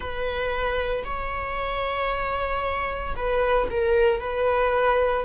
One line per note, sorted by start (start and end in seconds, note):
0.00 1.03 B4
1.04 3.14 C#5
3.16 3.68 B4
3.70 4.20 A#4
4.20 5.25 B4